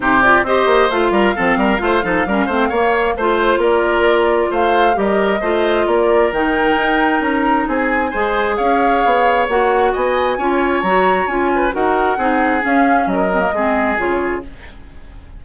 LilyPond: <<
  \new Staff \with { instrumentName = "flute" } { \time 4/4 \tempo 4 = 133 c''8 d''8 dis''4 f''2~ | f''2. c''4 | d''2 f''4 dis''4~ | dis''4 d''4 g''2 |
ais''4 gis''2 f''4~ | f''4 fis''4 gis''2 | ais''4 gis''4 fis''2 | f''4 dis''2 cis''4 | }
  \new Staff \with { instrumentName = "oboe" } { \time 4/4 g'4 c''4. ais'8 a'8 ais'8 | c''8 a'8 ais'8 c''8 cis''4 c''4 | ais'2 c''4 ais'4 | c''4 ais'2.~ |
ais'4 gis'4 c''4 cis''4~ | cis''2 dis''4 cis''4~ | cis''4. b'8 ais'4 gis'4~ | gis'4 ais'4 gis'2 | }
  \new Staff \with { instrumentName = "clarinet" } { \time 4/4 dis'8 f'8 g'4 f'4 c'4 | f'8 dis'8 cis'8 c'8 ais4 f'4~ | f'2. g'4 | f'2 dis'2~ |
dis'2 gis'2~ | gis'4 fis'2 f'4 | fis'4 f'4 fis'4 dis'4 | cis'4. c'16 ais16 c'4 f'4 | }
  \new Staff \with { instrumentName = "bassoon" } { \time 4/4 c4 c'8 ais8 a8 g8 f8 g8 | a8 f8 g8 a8 ais4 a4 | ais2 a4 g4 | a4 ais4 dis4 dis'4 |
cis'4 c'4 gis4 cis'4 | b4 ais4 b4 cis'4 | fis4 cis'4 dis'4 c'4 | cis'4 fis4 gis4 cis4 | }
>>